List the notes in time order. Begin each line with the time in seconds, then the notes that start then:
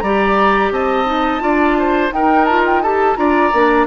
0.00 G3 G4 D5 A#5
0.72 C4 D#5 A5
1.06 D#4
1.40 D4 F4 D5
1.79 C5
2.12 D#4 A#4 G5
2.45 F4 A5
2.66 G5
2.83 G4 A4 A5
3.17 D4 F4 D5 A#5
3.53 A#3 D4